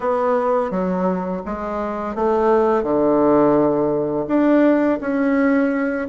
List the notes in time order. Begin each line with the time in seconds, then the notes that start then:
0.00 B3
0.70 F#3
1.45 G#3
2.15 A3
2.83 D3
4.27 D4
5.00 C#4